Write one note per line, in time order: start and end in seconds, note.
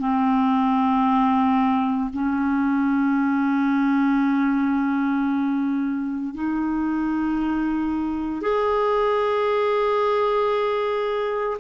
0.00 2.11 C4
2.14 6.35 C#4
6.35 8.42 D#4
8.42 11.58 G#4